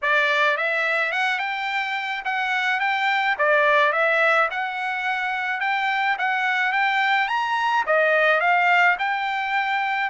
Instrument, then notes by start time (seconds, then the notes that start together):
trumpet
0.02 D5
0.57 E5
1.12 F#5
1.38 G5
2.24 F#5
2.80 G5
3.38 D5
3.92 E5
4.50 F#5
5.60 G5
6.18 F#5
6.72 G5
7.27 A#5
7.86 D#5
8.40 F5
8.98 G5